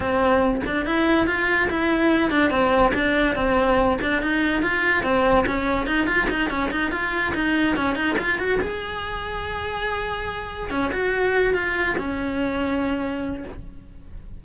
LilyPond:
\new Staff \with { instrumentName = "cello" } { \time 4/4 \tempo 4 = 143 c'4. d'8 e'4 f'4 | e'4. d'8 c'4 d'4 | c'4. d'8 dis'4 f'4 | c'4 cis'4 dis'8 f'8 dis'8 cis'8 |
dis'8 f'4 dis'4 cis'8 dis'8 f'8 | fis'8 gis'2.~ gis'8~ | gis'4. cis'8 fis'4. f'8~ | f'8 cis'2.~ cis'8 | }